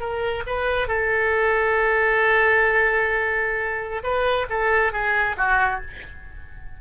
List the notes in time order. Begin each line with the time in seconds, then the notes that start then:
0.00 A#4
0.46 B4
0.88 A4
4.03 B4
4.50 A4
4.92 G#4
5.37 F#4